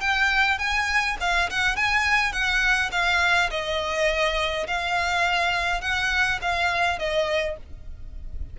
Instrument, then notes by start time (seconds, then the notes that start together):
violin
0.00 G5
0.58 G#5
1.20 F5
1.49 F#5
1.76 G#5
2.32 F#5
2.91 F5
3.50 D#5
4.67 F5
5.81 F#5
6.41 F5
6.98 D#5